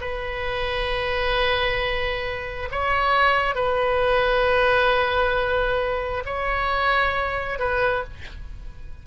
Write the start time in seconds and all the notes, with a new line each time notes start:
0.00 B4
2.71 C#5
3.55 B4
6.25 C#5
7.59 B4